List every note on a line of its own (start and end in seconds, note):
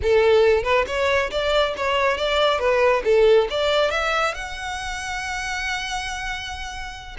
0.02 0.63 A4
0.63 0.85 B4
0.87 1.30 C#5
1.30 1.74 D5
1.76 2.17 C#5
2.17 2.59 D5
2.59 3.02 B4
3.04 3.47 A4
3.49 3.91 D5
3.91 4.34 E5
4.34 7.17 F#5